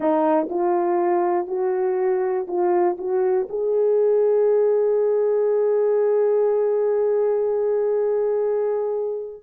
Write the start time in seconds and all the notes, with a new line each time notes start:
0.00 D#4
0.49 F4
1.47 F#4
2.47 F4
2.98 F#4
3.49 G#4